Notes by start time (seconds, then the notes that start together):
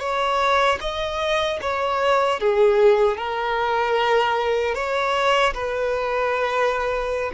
0.00 C#5
0.81 D#5
1.62 C#5
2.40 G#4
3.18 A#4
4.75 C#5
5.54 B4